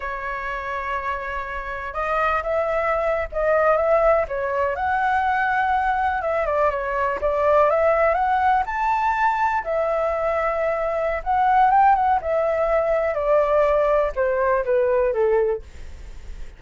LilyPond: \new Staff \with { instrumentName = "flute" } { \time 4/4 \tempo 4 = 123 cis''1 | dis''4 e''4.~ e''16 dis''4 e''16~ | e''8. cis''4 fis''2~ fis''16~ | fis''8. e''8 d''8 cis''4 d''4 e''16~ |
e''8. fis''4 a''2 e''16~ | e''2. fis''4 | g''8 fis''8 e''2 d''4~ | d''4 c''4 b'4 a'4 | }